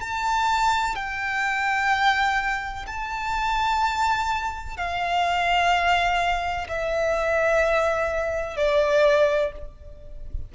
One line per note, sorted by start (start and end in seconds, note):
0.00 0.95 A5
0.95 2.86 G5
2.86 4.77 A5
4.77 6.67 F5
6.68 8.57 E5
8.57 9.52 D5